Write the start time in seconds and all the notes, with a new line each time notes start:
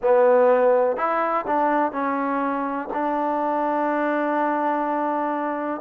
0.01 B3
0.96 E4
1.46 D4
1.91 C#4
2.93 D4